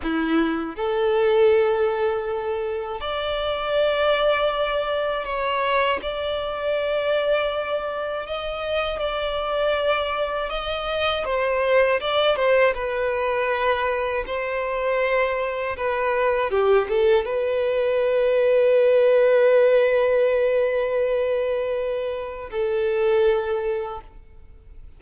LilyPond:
\new Staff \with { instrumentName = "violin" } { \time 4/4 \tempo 4 = 80 e'4 a'2. | d''2. cis''4 | d''2. dis''4 | d''2 dis''4 c''4 |
d''8 c''8 b'2 c''4~ | c''4 b'4 g'8 a'8 b'4~ | b'1~ | b'2 a'2 | }